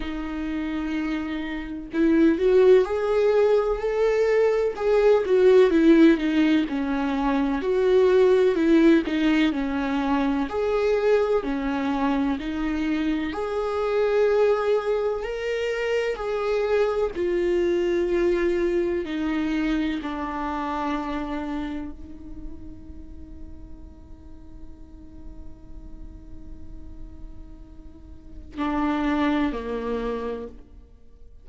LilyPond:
\new Staff \with { instrumentName = "viola" } { \time 4/4 \tempo 4 = 63 dis'2 e'8 fis'8 gis'4 | a'4 gis'8 fis'8 e'8 dis'8 cis'4 | fis'4 e'8 dis'8 cis'4 gis'4 | cis'4 dis'4 gis'2 |
ais'4 gis'4 f'2 | dis'4 d'2 dis'4~ | dis'1~ | dis'2 d'4 ais4 | }